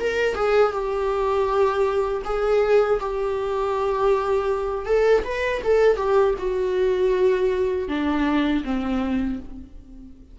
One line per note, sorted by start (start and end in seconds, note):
0.00 0.35 A#4
0.35 0.73 G#4
0.73 2.23 G4
2.25 3.00 G#4
3.00 4.86 G4
4.86 5.23 A4
5.24 5.62 B4
5.64 5.97 A4
5.97 6.34 G4
6.39 7.89 F#4
7.89 8.64 D4
8.64 9.39 C4